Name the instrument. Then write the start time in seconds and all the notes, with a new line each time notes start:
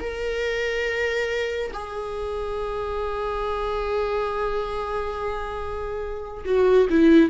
viola
0.00 A#4
1.73 G#4
6.45 F#4
6.90 E4